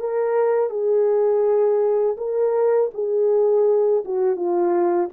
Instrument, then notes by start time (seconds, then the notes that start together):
horn
0.00 A#4
0.70 G#4
2.17 A#4
2.94 G#4
4.04 F#4
4.36 F4